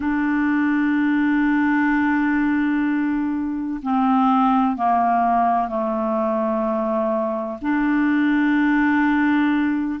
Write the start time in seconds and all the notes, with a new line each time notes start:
0.00 D4
3.82 C4
4.76 A#3
5.68 A3
7.61 D4